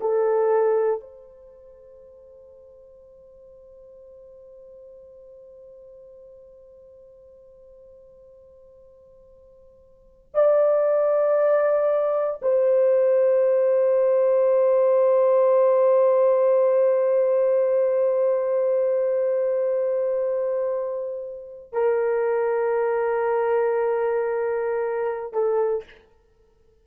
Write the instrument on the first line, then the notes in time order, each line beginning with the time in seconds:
horn
0.00 A4
1.00 C5
10.34 D5
12.42 C5
21.72 A#4
25.33 A4